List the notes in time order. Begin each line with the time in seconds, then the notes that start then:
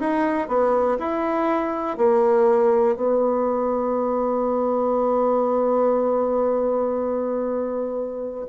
0.00 D#4
0.49 B3
0.99 E4
1.98 A#3
2.96 B3